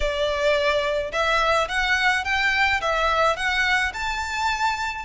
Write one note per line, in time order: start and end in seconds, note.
0.00 1.11 D5
1.11 1.67 E5
1.68 2.24 F#5
2.24 2.80 G5
2.81 3.36 E5
3.36 3.92 F#5
3.93 5.05 A5